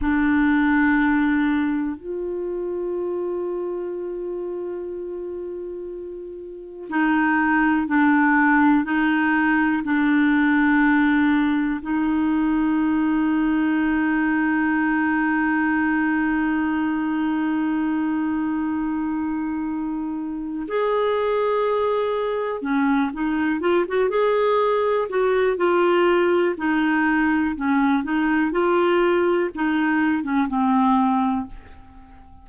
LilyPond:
\new Staff \with { instrumentName = "clarinet" } { \time 4/4 \tempo 4 = 61 d'2 f'2~ | f'2. dis'4 | d'4 dis'4 d'2 | dis'1~ |
dis'1~ | dis'4 gis'2 cis'8 dis'8 | f'16 fis'16 gis'4 fis'8 f'4 dis'4 | cis'8 dis'8 f'4 dis'8. cis'16 c'4 | }